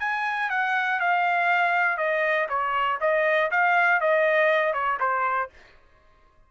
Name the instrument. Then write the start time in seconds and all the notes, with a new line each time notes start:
trumpet
0.00 G#5
0.50 F#5
1.00 F5
1.98 D#5
2.49 C#5
3.01 D#5
3.51 F5
4.01 D#5
4.74 C#5
5.00 C5